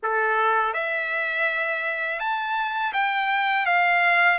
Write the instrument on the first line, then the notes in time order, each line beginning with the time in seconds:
trumpet
0.02 A4
0.73 E5
2.19 A5
2.93 G5
3.66 F5